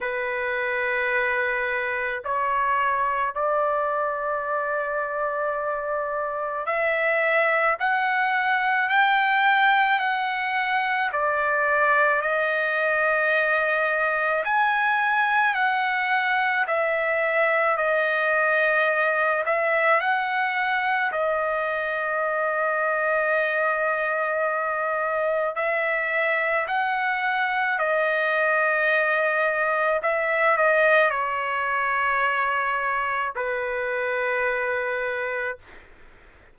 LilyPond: \new Staff \with { instrumentName = "trumpet" } { \time 4/4 \tempo 4 = 54 b'2 cis''4 d''4~ | d''2 e''4 fis''4 | g''4 fis''4 d''4 dis''4~ | dis''4 gis''4 fis''4 e''4 |
dis''4. e''8 fis''4 dis''4~ | dis''2. e''4 | fis''4 dis''2 e''8 dis''8 | cis''2 b'2 | }